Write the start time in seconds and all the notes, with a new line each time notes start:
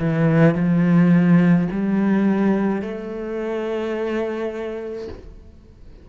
0.00 E3
0.55 F3
1.72 G3
2.82 A3